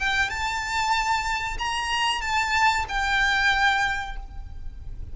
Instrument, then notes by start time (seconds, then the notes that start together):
violin
0.00 G5
0.30 A5
1.59 A#5
2.22 A5
2.89 G5